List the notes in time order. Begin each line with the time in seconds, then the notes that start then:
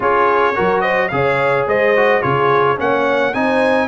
0.00 C#4 F4 G#4 C#5
0.55 F#3 F#4 A#4
0.81 C5 D#5
1.08 C#3 G#4 C#5 F5
1.66 G#3 C5 D#5
1.96 F#4
2.21 C#3 F4 G#4 C#5
2.77 A#3 C#4 C#5 F#5
3.33 C4 D#4 C5 G#5